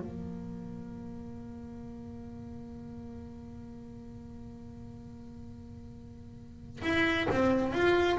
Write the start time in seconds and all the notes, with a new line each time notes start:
0.00 A#3
6.82 E4
7.30 C4
7.72 F4